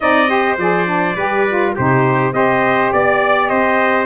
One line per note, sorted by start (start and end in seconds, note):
0.00 0.57 C4
0.00 0.28 D#4
0.00 0.30 D5
0.00 0.58 D#5
0.28 0.57 G4
0.28 1.16 C5
0.57 1.15 F3
0.57 0.85 G#4
0.57 1.75 D5
0.85 1.14 D4
1.16 1.74 G3
1.16 1.47 G4
1.16 1.74 B4
1.47 1.77 F4
1.75 2.32 C3
1.75 2.32 D#4
1.75 2.33 G4
1.75 2.33 C5
2.32 2.91 C4
2.32 4.06 G4
2.32 2.92 C5
2.32 2.91 D#5
2.92 3.50 B3
2.92 3.49 D5
2.92 3.47 D5
3.47 4.06 C4
3.47 4.06 C5
3.47 4.05 D#5